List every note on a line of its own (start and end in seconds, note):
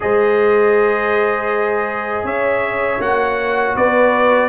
0.00 2.23 G#3
0.00 3.00 G#4
0.00 2.25 C5
0.00 2.25 D#5
2.23 2.98 C#4
2.23 3.75 C#5
2.23 3.01 E5
2.99 3.74 A#3
2.99 4.48 F#4
2.99 3.76 F#5
3.75 4.48 B3
3.75 4.48 B4
3.75 4.48 D5